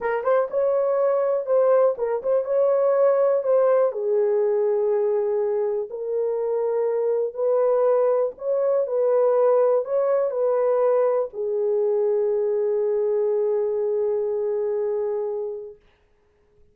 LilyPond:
\new Staff \with { instrumentName = "horn" } { \time 4/4 \tempo 4 = 122 ais'8 c''8 cis''2 c''4 | ais'8 c''8 cis''2 c''4 | gis'1 | ais'2. b'4~ |
b'4 cis''4 b'2 | cis''4 b'2 gis'4~ | gis'1~ | gis'1 | }